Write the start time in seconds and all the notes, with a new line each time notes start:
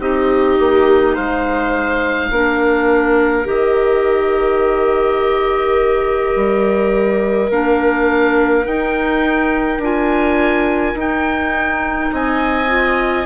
0.00 C4 D#4 G4 D#5
0.60 A#3
1.14 G#3 C5 F5
2.31 A#3 D4 A#4
3.44 D#3 G4 D#5
6.36 G3
7.50 A#3 D4 F5
8.64 D#4 G5
9.78 D4 F4
9.85 G#5
10.95 D#4 G5
12.13 C4 D#5 G#5
12.68 F4